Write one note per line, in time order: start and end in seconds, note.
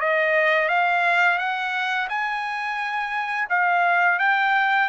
0.00 0.68 D#5
0.68 1.38 F5
1.38 2.08 F#5
2.09 3.48 G#5
3.49 4.19 F5
4.19 4.89 G5